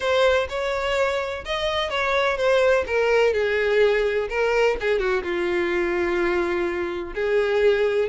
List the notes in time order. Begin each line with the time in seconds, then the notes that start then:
0.00 C5
0.49 C#5
1.45 D#5
1.90 C#5
2.37 C5
2.86 A#4
3.33 G#4
4.29 A#4
4.80 G#4
4.99 F#4
5.23 F4
7.14 G#4